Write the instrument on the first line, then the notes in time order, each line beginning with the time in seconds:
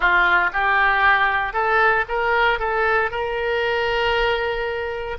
oboe
0.00 F4
0.53 G4
1.53 A4
2.08 A#4
2.59 A4
3.10 A#4